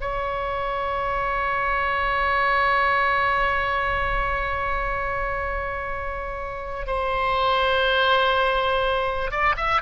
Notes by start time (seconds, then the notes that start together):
0.00 C#5
6.86 C5
9.30 D5
9.56 E5